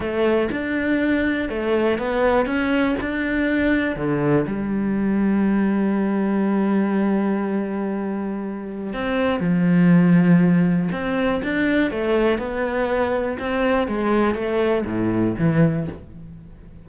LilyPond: \new Staff \with { instrumentName = "cello" } { \time 4/4 \tempo 4 = 121 a4 d'2 a4 | b4 cis'4 d'2 | d4 g2.~ | g1~ |
g2 c'4 f4~ | f2 c'4 d'4 | a4 b2 c'4 | gis4 a4 a,4 e4 | }